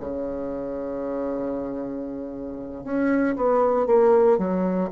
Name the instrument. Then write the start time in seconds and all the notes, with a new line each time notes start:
bassoon
0.00 C#3
2.84 C#4
3.36 B3
3.87 A#3
4.38 F#3